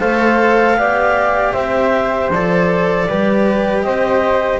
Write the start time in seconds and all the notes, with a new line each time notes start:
0.00 A3 A4 C5 F5
0.76 B3 G4 D5
1.53 C4 C5 E5
2.31 F3 A4 D5
3.08 G3 G4 B4
3.82 C4 C5 D#5